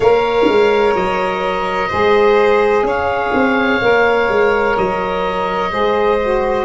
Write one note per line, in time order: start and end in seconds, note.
0.00 0.47 A#3
0.00 1.89 A#4
0.00 1.88 C#5
0.00 0.93 F5
0.48 0.94 G#3
0.94 1.90 F#3
0.94 2.86 D#5
1.88 2.82 G#3
1.88 3.80 G#4
1.88 2.83 C5
2.82 3.30 C#4
2.82 5.72 C#5
2.82 4.77 F5
3.33 3.81 C4
3.81 4.29 A#3
3.81 5.69 A#4
4.29 4.76 G#3
4.77 5.72 F#3
4.77 6.65 D#5
5.69 6.65 G#3
5.69 6.17 G#4
5.69 6.65 C5
6.22 6.65 F#4